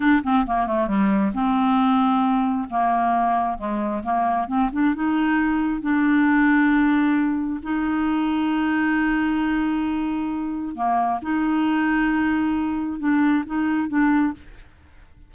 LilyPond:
\new Staff \with { instrumentName = "clarinet" } { \time 4/4 \tempo 4 = 134 d'8 c'8 ais8 a8 g4 c'4~ | c'2 ais2 | gis4 ais4 c'8 d'8 dis'4~ | dis'4 d'2.~ |
d'4 dis'2.~ | dis'1 | ais4 dis'2.~ | dis'4 d'4 dis'4 d'4 | }